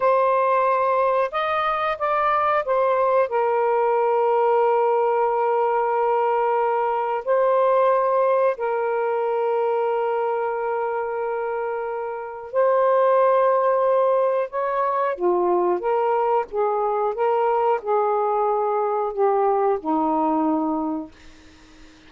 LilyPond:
\new Staff \with { instrumentName = "saxophone" } { \time 4/4 \tempo 4 = 91 c''2 dis''4 d''4 | c''4 ais'2.~ | ais'2. c''4~ | c''4 ais'2.~ |
ais'2. c''4~ | c''2 cis''4 f'4 | ais'4 gis'4 ais'4 gis'4~ | gis'4 g'4 dis'2 | }